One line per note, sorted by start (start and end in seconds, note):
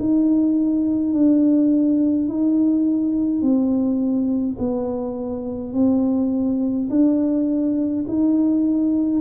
0.00 1.14 D#4
1.14 2.29 D4
2.29 3.42 D#4
3.42 4.57 C4
4.59 5.74 B3
5.74 6.89 C4
6.90 8.06 D4
8.08 9.21 D#4